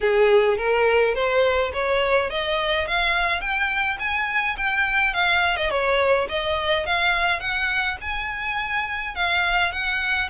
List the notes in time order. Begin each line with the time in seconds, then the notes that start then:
0.00 G#4
0.57 A#4
1.14 C5
1.73 C#5
2.30 D#5
2.87 F5
3.40 G5
3.99 G#5
4.57 G5
5.13 F5
5.56 D#5
5.70 C#5
6.28 D#5
6.86 F5
7.39 F#5
8.01 G#5
9.15 F5
9.72 F#5